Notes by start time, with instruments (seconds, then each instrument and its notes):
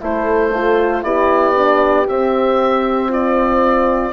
0.00 bassoon A3, horn E4 A4, oboe C5
0.54 horn F4
1.02 bassoon B3, horn E4 G4, oboe D5
1.55 horn D4
2.08 horn C4, bassoon C4, oboe E5
3.08 horn F4, oboe D5